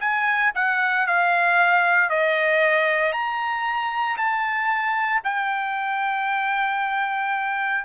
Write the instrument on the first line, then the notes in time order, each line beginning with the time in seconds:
trumpet
0.00 G#5
0.55 F#5
1.07 F5
2.10 D#5
3.13 A#5
4.17 A5
5.24 G5